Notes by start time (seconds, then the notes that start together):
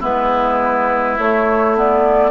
0.00 G#3 B3 E4 B4
1.18 A3 C#5
1.76 B3 D5